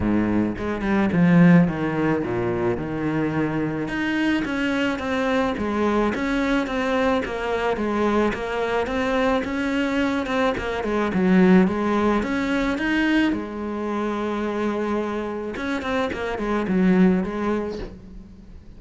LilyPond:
\new Staff \with { instrumentName = "cello" } { \time 4/4 \tempo 4 = 108 gis,4 gis8 g8 f4 dis4 | ais,4 dis2 dis'4 | cis'4 c'4 gis4 cis'4 | c'4 ais4 gis4 ais4 |
c'4 cis'4. c'8 ais8 gis8 | fis4 gis4 cis'4 dis'4 | gis1 | cis'8 c'8 ais8 gis8 fis4 gis4 | }